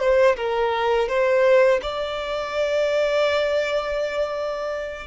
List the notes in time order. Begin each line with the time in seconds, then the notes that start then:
0.00 C5
0.37 A#4
1.09 C5
1.82 D5